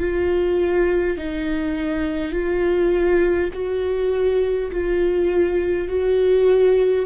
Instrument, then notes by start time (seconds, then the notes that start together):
viola
0.00 F4
1.18 D#4
2.33 F4
3.53 F#4
4.71 F4
5.89 F#4